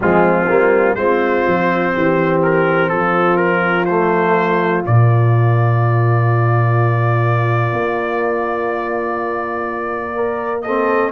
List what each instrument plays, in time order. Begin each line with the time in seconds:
0.00 tuba F3, trombone G#3, horn C4, trumpet F4
0.48 tuba G3, trombone A#3
0.95 tuba G#3, trombone C4, horn F4, trumpet C5
1.47 tuba F3
1.94 tuba E3, horn G4
2.42 trumpet A#4
2.89 tuba F3, horn F4, trumpet A4
3.36 trumpet A#4
3.85 trombone A3, trumpet C5
4.83 tuba A#2, trombone A#3, trumpet D5
7.73 tuba A#3
10.15 horn A#4
10.62 trombone C4, horn A4, trumpet D#5